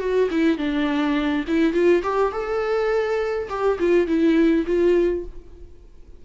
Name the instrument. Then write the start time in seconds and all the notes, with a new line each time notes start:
viola
0.00 F#4
0.31 E4
0.58 D4
1.48 E4
1.73 F4
2.03 G4
2.32 A4
3.50 G4
3.79 F4
4.07 E4
4.67 F4